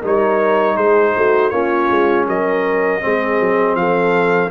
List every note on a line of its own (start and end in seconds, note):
0.00 0.77 G3
0.00 1.52 D#4
0.00 0.75 A#4
0.07 0.77 C#5
0.75 1.15 G#3
0.75 1.13 G#4
0.75 1.50 C5
1.17 1.52 A3
1.17 1.52 F#4
1.50 1.90 A#3
1.50 3.01 C#4
1.50 2.27 F4
1.50 2.25 C#5
1.90 2.27 G#3
2.27 3.02 F#3
2.27 3.03 A#4
2.27 3.76 D#5
3.01 3.40 G#3
3.01 4.51 C4
3.01 3.78 G#4
3.40 3.75 F#3
3.75 4.50 F3
3.75 4.51 A4
3.75 4.51 F5